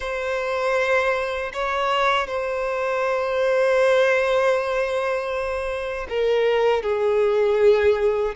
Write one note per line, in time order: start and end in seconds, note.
0.00 1.52 C5
1.53 2.27 C#5
2.27 6.07 C5
6.09 6.83 A#4
6.83 8.34 G#4